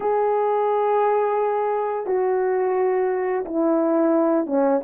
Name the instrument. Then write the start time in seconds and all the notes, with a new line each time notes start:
horn
0.00 G#4
2.06 F#4
3.45 E4
4.46 C#4